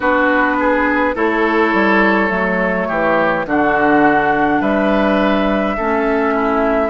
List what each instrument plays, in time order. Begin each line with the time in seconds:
0.00 bassoon B3, clarinet D4, oboe F#4, flute B4
0.59 oboe G#4
1.15 bassoon A3, clarinet E4, oboe A4, flute C#5
1.73 bassoon G3
2.28 bassoon F#3, clarinet A3
2.88 bassoon E3, oboe G4
3.45 bassoon D3, clarinet D4, oboe F#4, flute F#5
4.61 bassoon G3, oboe B4, flute E5
5.76 bassoon A3, clarinet C#4, oboe A4
6.33 oboe E4